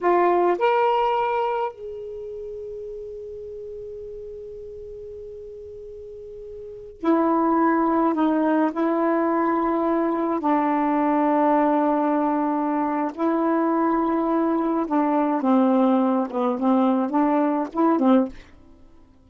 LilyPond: \new Staff \with { instrumentName = "saxophone" } { \time 4/4 \tempo 4 = 105 f'4 ais'2 gis'4~ | gis'1~ | gis'1~ | gis'16 e'2 dis'4 e'8.~ |
e'2~ e'16 d'4.~ d'16~ | d'2. e'4~ | e'2 d'4 c'4~ | c'8 b8 c'4 d'4 e'8 c'8 | }